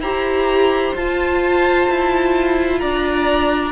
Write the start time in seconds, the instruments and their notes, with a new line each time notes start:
0.00 cello E4, viola G4, violin C5 A#5
0.95 cello F4, viola F4, violin A5
1.89 cello E4
2.79 cello D4, violin D5 A#5